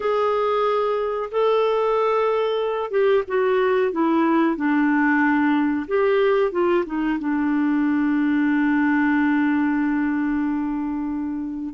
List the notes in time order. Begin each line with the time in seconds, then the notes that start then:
0.00 G#4
1.31 A4
2.90 G4
3.27 F#4
3.91 E4
4.56 D4
5.87 G4
6.51 F4
6.86 D#4
7.19 D4